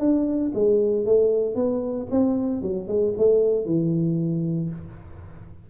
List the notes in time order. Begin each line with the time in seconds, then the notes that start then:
0.00 D4
0.55 G#3
1.06 A3
1.56 B3
2.11 C4
2.63 F#3
2.88 G#3
3.18 A3
3.66 E3